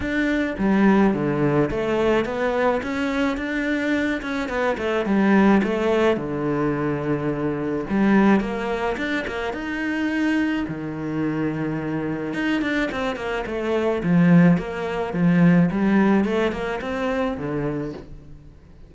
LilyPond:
\new Staff \with { instrumentName = "cello" } { \time 4/4 \tempo 4 = 107 d'4 g4 d4 a4 | b4 cis'4 d'4. cis'8 | b8 a8 g4 a4 d4~ | d2 g4 ais4 |
d'8 ais8 dis'2 dis4~ | dis2 dis'8 d'8 c'8 ais8 | a4 f4 ais4 f4 | g4 a8 ais8 c'4 d4 | }